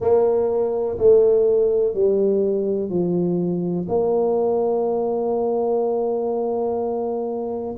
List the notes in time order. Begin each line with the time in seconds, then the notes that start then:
0.00 A#3
0.98 A3
1.94 G3
2.89 F3
3.88 A#3